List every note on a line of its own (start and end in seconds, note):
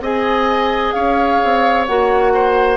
0.00 0.92 C4
0.00 1.87 G#4
0.00 0.95 D#5
0.00 0.92 G#5
0.92 1.41 C#4
0.92 2.33 C#5
0.92 1.85 F5
1.44 1.88 C4
1.86 2.77 A#3
1.86 2.77 F#4
1.86 2.77 F#5
2.33 2.77 C5